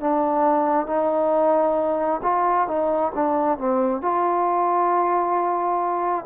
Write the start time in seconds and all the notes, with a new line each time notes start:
0.00 D4
0.86 D#4
2.23 F4
2.67 D#4
3.15 D4
3.57 C4
4.01 F4